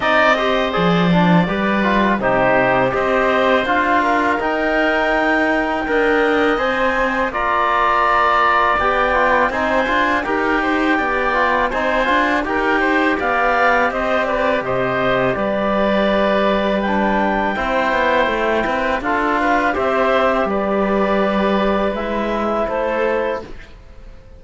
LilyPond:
<<
  \new Staff \with { instrumentName = "clarinet" } { \time 4/4 \tempo 4 = 82 dis''4 d''2 c''4 | dis''4 f''4 g''2~ | g''4 gis''4 ais''2 | g''4 gis''4 g''2 |
gis''4 g''4 f''4 dis''8 d''8 | dis''4 d''2 g''4~ | g''2 f''4 e''4 | d''2 e''4 c''4 | }
  \new Staff \with { instrumentName = "oboe" } { \time 4/4 d''8 c''4. b'4 g'4 | c''4. ais'2~ ais'8 | dis''2 d''2~ | d''4 c''4 ais'8 c''8 d''4 |
c''4 ais'8 c''8 d''4 c''8 b'8 | c''4 b'2. | c''4. b'8 a'8 b'8 c''4 | b'2. a'4 | }
  \new Staff \with { instrumentName = "trombone" } { \time 4/4 dis'8 g'8 gis'8 d'8 g'8 f'8 dis'4 | g'4 f'4 dis'2 | ais'4 c''4 f'2 | g'8 f'8 dis'8 f'8 g'4. f'8 |
dis'8 f'8 g'2.~ | g'2. d'4 | e'2 f'4 g'4~ | g'2 e'2 | }
  \new Staff \with { instrumentName = "cello" } { \time 4/4 c'4 f4 g4 c4 | c'4 d'4 dis'2 | d'4 c'4 ais2 | b4 c'8 d'8 dis'4 b4 |
c'8 d'8 dis'4 b4 c'4 | c4 g2. | c'8 b8 a8 c'8 d'4 c'4 | g2 gis4 a4 | }
>>